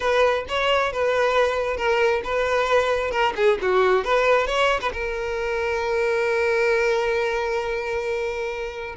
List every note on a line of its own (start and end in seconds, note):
0.00 0.45 B4
0.48 0.92 C#5
0.92 1.76 B4
1.76 2.21 A#4
2.23 3.11 B4
3.11 3.33 A#4
3.35 3.58 G#4
3.61 4.04 F#4
4.04 4.46 B4
4.46 4.80 C#5
4.81 4.92 B4
4.92 8.95 A#4